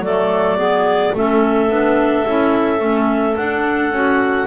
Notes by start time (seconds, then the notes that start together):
0.00 F#3 A3 A4 D5
0.58 B3 G#4
1.15 A3 C#4 A4 E5
1.70 B3 D4
2.26 C#4 E4
2.78 A3 C#4
3.37 D4 F#5
3.91 C#4 F#4